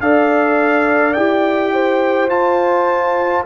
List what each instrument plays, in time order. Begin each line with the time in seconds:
0.00 tuba D4, trombone A4, horn D5, trumpet F5
1.13 tuba E4, trombone G4, trumpet G5
1.73 horn C5
2.29 tuba F4, trombone F4, trumpet A5